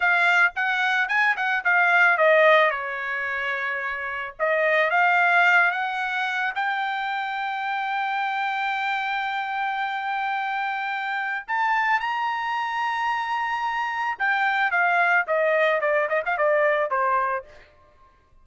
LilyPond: \new Staff \with { instrumentName = "trumpet" } { \time 4/4 \tempo 4 = 110 f''4 fis''4 gis''8 fis''8 f''4 | dis''4 cis''2. | dis''4 f''4. fis''4. | g''1~ |
g''1~ | g''4 a''4 ais''2~ | ais''2 g''4 f''4 | dis''4 d''8 dis''16 f''16 d''4 c''4 | }